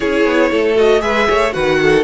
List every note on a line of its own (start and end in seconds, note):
0.00 0.25 C#4
0.00 0.74 E4
0.00 0.50 G#4
0.00 0.76 C#5
0.25 0.51 B3
0.50 1.02 A3
0.50 1.02 A4
0.76 1.00 F#4
0.76 1.01 D#5
1.00 1.28 G#3
1.00 1.51 G#4
1.00 1.28 B4
1.00 1.52 E5
1.28 1.55 A3
1.28 1.54 C#5
1.52 2.04 D#3
1.52 2.03 F#4
1.52 1.79 B4
1.52 2.04 F#5
1.82 2.04 A4